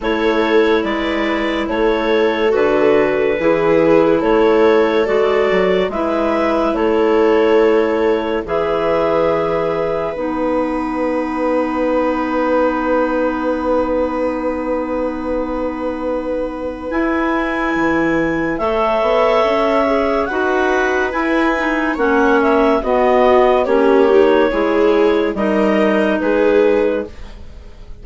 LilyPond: <<
  \new Staff \with { instrumentName = "clarinet" } { \time 4/4 \tempo 4 = 71 cis''4 d''4 cis''4 b'4~ | b'4 cis''4 d''4 e''4 | cis''2 e''2 | fis''1~ |
fis''1 | gis''2 e''2 | fis''4 gis''4 fis''8 e''8 dis''4 | cis''2 dis''4 b'4 | }
  \new Staff \with { instrumentName = "viola" } { \time 4/4 a'4 b'4 a'2 | gis'4 a'2 b'4 | a'2 b'2~ | b'1~ |
b'1~ | b'2 cis''2 | b'2 cis''4 fis'4 | g'4 gis'4 ais'4 gis'4 | }
  \new Staff \with { instrumentName = "clarinet" } { \time 4/4 e'2. fis'4 | e'2 fis'4 e'4~ | e'2 gis'2 | dis'1~ |
dis'1 | e'2 a'4. gis'8 | fis'4 e'8 dis'8 cis'4 b4 | cis'8 dis'8 e'4 dis'2 | }
  \new Staff \with { instrumentName = "bassoon" } { \time 4/4 a4 gis4 a4 d4 | e4 a4 gis8 fis8 gis4 | a2 e2 | b1~ |
b1 | e'4 e4 a8 b8 cis'4 | dis'4 e'4 ais4 b4 | ais4 gis4 g4 gis4 | }
>>